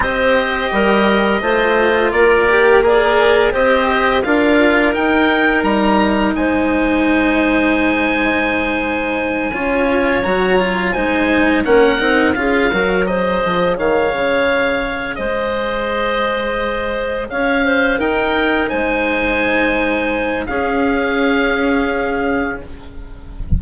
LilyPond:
<<
  \new Staff \with { instrumentName = "oboe" } { \time 4/4 \tempo 4 = 85 dis''2. d''4 | ais'4 dis''4 f''4 g''4 | ais''4 gis''2.~ | gis''2~ gis''8 ais''4 gis''8~ |
gis''8 fis''4 f''4 dis''4 f''8~ | f''4. dis''2~ dis''8~ | dis''8 f''4 g''4 gis''4.~ | gis''4 f''2. | }
  \new Staff \with { instrumentName = "clarinet" } { \time 4/4 c''4 ais'4 c''4 ais'4 | d''4 c''4 ais'2~ | ais'4 c''2.~ | c''4. cis''2 c''8~ |
c''8 ais'4 gis'8 ais'8 c''4 cis''8~ | cis''4. c''2~ c''8~ | c''8 cis''8 c''8 ais'4 c''4.~ | c''4 gis'2. | }
  \new Staff \with { instrumentName = "cello" } { \time 4/4 g'2 f'4. g'8 | gis'4 g'4 f'4 dis'4~ | dis'1~ | dis'4. f'4 fis'8 f'8 dis'8~ |
dis'8 cis'8 dis'8 f'8 fis'8 gis'4.~ | gis'1~ | gis'4. dis'2~ dis'8~ | dis'4 cis'2. | }
  \new Staff \with { instrumentName = "bassoon" } { \time 4/4 c'4 g4 a4 ais4~ | ais4 c'4 d'4 dis'4 | g4 gis2.~ | gis4. cis'4 fis4 gis8~ |
gis8 ais8 c'8 cis'8 fis4 f8 dis8 | cis4. gis2~ gis8~ | gis8 cis'4 dis'4 gis4.~ | gis4 cis'2. | }
>>